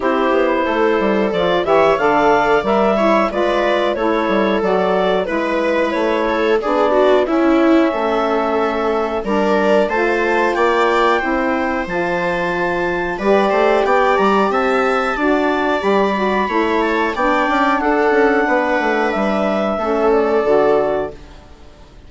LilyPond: <<
  \new Staff \with { instrumentName = "clarinet" } { \time 4/4 \tempo 4 = 91 c''2 d''8 e''8 f''4 | e''4 d''4 cis''4 d''4 | b'4 cis''4 d''4 e''4~ | e''2 d''4 a''4 |
g''2 a''2 | d''4 g''8 ais''8 a''2 | b''4. a''8 g''4 fis''4~ | fis''4 e''4. d''4. | }
  \new Staff \with { instrumentName = "viola" } { \time 4/4 g'4 a'4. cis''8 d''4~ | d''8 cis''8 b'4 a'2 | b'4. a'8 gis'8 fis'8 e'4 | a'2 ais'4 c''4 |
d''4 c''2. | b'8 c''8 d''4 e''4 d''4~ | d''4 cis''4 d''4 a'4 | b'2 a'2 | }
  \new Staff \with { instrumentName = "saxophone" } { \time 4/4 e'2 f'8 g'8 a'4 | ais'8 e'8 f'4 e'4 fis'4 | e'2 d'4 cis'4~ | cis'2 d'4 f'4~ |
f'4 e'4 f'2 | g'2. fis'4 | g'8 fis'8 e'4 d'2~ | d'2 cis'4 fis'4 | }
  \new Staff \with { instrumentName = "bassoon" } { \time 4/4 c'8 b8 a8 g8 f8 e8 d4 | g4 gis4 a8 g8 fis4 | gis4 a4 b4 cis'4 | a2 g4 a4 |
ais4 c'4 f2 | g8 a8 b8 g8 c'4 d'4 | g4 a4 b8 cis'8 d'8 cis'8 | b8 a8 g4 a4 d4 | }
>>